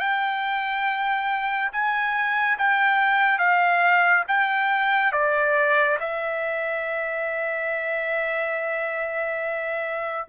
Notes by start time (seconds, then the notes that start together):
0.00 G5
1.73 G#5
2.58 G5
3.39 F5
4.28 G5
5.12 D5
6.00 E5